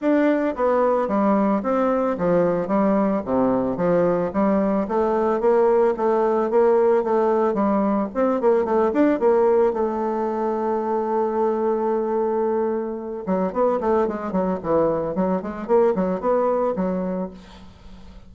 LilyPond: \new Staff \with { instrumentName = "bassoon" } { \time 4/4 \tempo 4 = 111 d'4 b4 g4 c'4 | f4 g4 c4 f4 | g4 a4 ais4 a4 | ais4 a4 g4 c'8 ais8 |
a8 d'8 ais4 a2~ | a1~ | a8 fis8 b8 a8 gis8 fis8 e4 | fis8 gis8 ais8 fis8 b4 fis4 | }